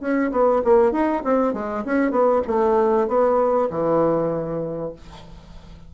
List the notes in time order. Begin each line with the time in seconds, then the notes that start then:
0.00 C#4
0.31 B3
0.64 A#3
0.92 D#4
1.24 C4
1.53 G#3
1.85 C#4
2.11 B3
2.47 A3
3.08 B3
3.70 E3